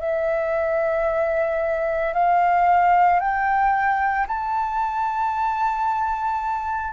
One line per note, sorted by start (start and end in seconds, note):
0.00 2.13 E5
2.13 3.20 F5
3.20 4.27 G5
4.28 6.93 A5